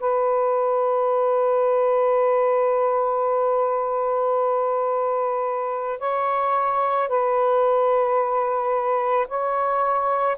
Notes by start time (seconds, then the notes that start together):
0.00 B4
6.00 C#5
7.09 B4
9.28 C#5